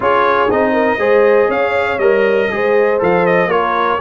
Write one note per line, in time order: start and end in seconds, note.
0.00 0.49 C#4
0.00 0.48 F4
0.00 0.72 G#4
0.00 0.50 C#5
0.50 0.97 C4
0.50 0.98 D#4
0.50 1.50 D#5
0.72 0.97 A#4
0.97 1.47 G#3
0.97 1.98 G#4
0.97 1.49 C5
1.48 1.98 C#4
1.48 2.49 C#5
1.48 1.98 F5
1.98 2.48 G3
1.98 2.50 A#4
1.98 2.98 D#5
2.50 3.01 G#3
2.50 2.99 G#4
2.50 3.51 C5
2.99 3.46 F3
2.99 3.49 A4
2.99 3.26 F5
3.26 3.50 D#5
3.46 3.96 A#3
3.46 3.99 F4
3.46 4.00 A#4
3.46 4.00 C#5